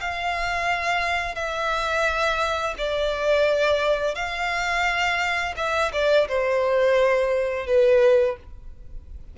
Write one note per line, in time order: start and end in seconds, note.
0.00 1.35 F5
1.35 2.74 E5
2.77 4.15 D5
4.15 5.54 F5
5.57 5.91 E5
5.92 6.27 D5
6.28 7.66 C5
7.66 8.36 B4